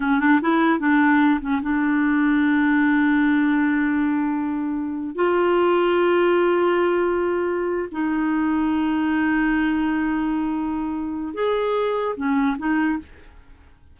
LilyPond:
\new Staff \with { instrumentName = "clarinet" } { \time 4/4 \tempo 4 = 148 cis'8 d'8 e'4 d'4. cis'8 | d'1~ | d'1~ | d'8. f'2.~ f'16~ |
f'2.~ f'8 dis'8~ | dis'1~ | dis'1 | gis'2 cis'4 dis'4 | }